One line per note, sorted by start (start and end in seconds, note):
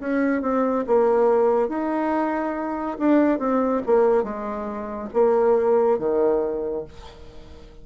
0.00 0.42 C#4
0.42 0.85 C4
0.87 1.69 A#3
1.69 2.98 D#4
2.99 3.39 D4
3.39 3.82 C4
3.86 4.24 A#3
4.24 5.09 G#3
5.14 5.99 A#3
5.99 6.85 D#3